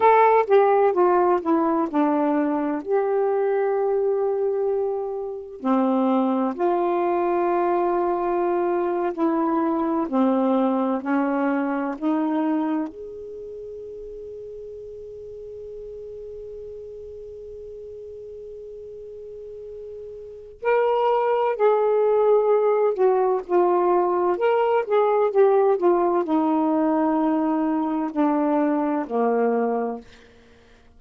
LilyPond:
\new Staff \with { instrumentName = "saxophone" } { \time 4/4 \tempo 4 = 64 a'8 g'8 f'8 e'8 d'4 g'4~ | g'2 c'4 f'4~ | f'4.~ f'16 e'4 c'4 cis'16~ | cis'8. dis'4 gis'2~ gis'16~ |
gis'1~ | gis'2 ais'4 gis'4~ | gis'8 fis'8 f'4 ais'8 gis'8 g'8 f'8 | dis'2 d'4 ais4 | }